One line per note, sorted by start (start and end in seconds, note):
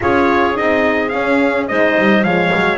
0.01 0.58 C#4
0.01 0.54 F4
0.01 1.69 G#4
0.01 0.56 C#5
0.54 1.13 C4
0.54 1.10 D#4
0.54 1.09 D#5
1.09 1.68 C#4
1.09 1.69 C#4
1.09 1.65 F5
1.67 1.98 G#3
1.67 2.23 D#4
1.67 2.24 C5
1.67 2.23 D#5
1.98 2.23 G3
2.23 2.51 F3
2.23 2.77 G#3
2.23 2.77 C#5
2.23 2.77 F5
2.54 2.77 F#3